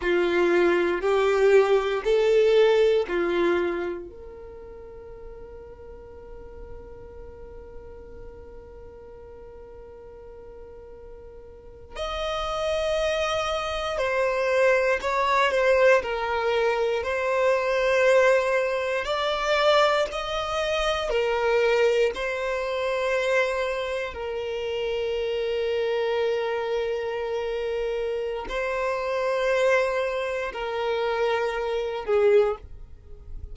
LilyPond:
\new Staff \with { instrumentName = "violin" } { \time 4/4 \tempo 4 = 59 f'4 g'4 a'4 f'4 | ais'1~ | ais'2.~ ais'8. dis''16~ | dis''4.~ dis''16 c''4 cis''8 c''8 ais'16~ |
ais'8. c''2 d''4 dis''16~ | dis''8. ais'4 c''2 ais'16~ | ais'1 | c''2 ais'4. gis'8 | }